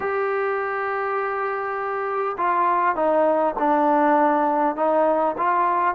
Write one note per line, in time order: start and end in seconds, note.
0.00 2.36 G4
2.37 2.95 F4
2.95 3.55 D#4
3.58 4.76 D4
4.76 5.35 D#4
5.37 5.94 F4